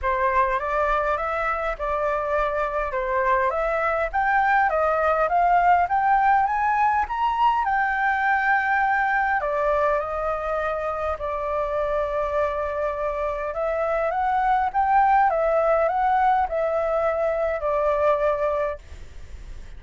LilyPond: \new Staff \with { instrumentName = "flute" } { \time 4/4 \tempo 4 = 102 c''4 d''4 e''4 d''4~ | d''4 c''4 e''4 g''4 | dis''4 f''4 g''4 gis''4 | ais''4 g''2. |
d''4 dis''2 d''4~ | d''2. e''4 | fis''4 g''4 e''4 fis''4 | e''2 d''2 | }